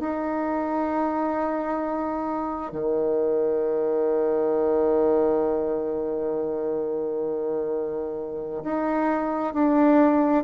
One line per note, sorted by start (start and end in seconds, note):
0.00 2.72 D#4
2.72 8.63 D#3
8.64 9.54 D#4
9.54 10.44 D4